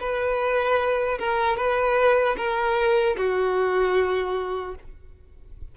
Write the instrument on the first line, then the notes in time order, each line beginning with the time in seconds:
violin
0.00 B4
1.19 A#4
1.57 B4
2.38 A#4
3.17 F#4